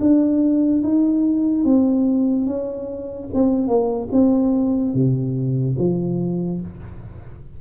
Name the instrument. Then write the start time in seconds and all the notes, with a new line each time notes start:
tuba
0.00 D4
0.83 D#4
1.64 C4
2.46 C#4
3.34 C4
3.67 A#3
4.12 C4
4.94 C3
5.78 F3